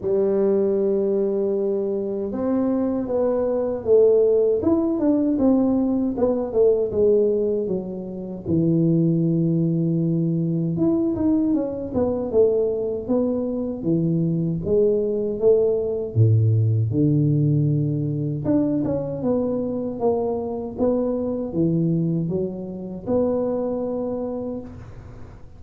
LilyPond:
\new Staff \with { instrumentName = "tuba" } { \time 4/4 \tempo 4 = 78 g2. c'4 | b4 a4 e'8 d'8 c'4 | b8 a8 gis4 fis4 e4~ | e2 e'8 dis'8 cis'8 b8 |
a4 b4 e4 gis4 | a4 a,4 d2 | d'8 cis'8 b4 ais4 b4 | e4 fis4 b2 | }